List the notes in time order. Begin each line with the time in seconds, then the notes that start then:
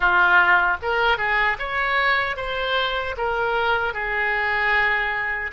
0.00 F4
0.81 A#4
1.17 G#4
1.59 C#5
2.36 C5
3.17 A#4
3.93 G#4